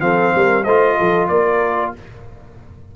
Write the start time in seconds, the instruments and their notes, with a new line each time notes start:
0.00 tuba F3, trombone C4, horn A4, trumpet F5
0.35 tuba G3, horn A#4
0.64 tuba A3, trombone F4, horn C5, trumpet D#5
0.98 tuba F3, horn A4
1.28 tuba A#3, horn A#4, trumpet D5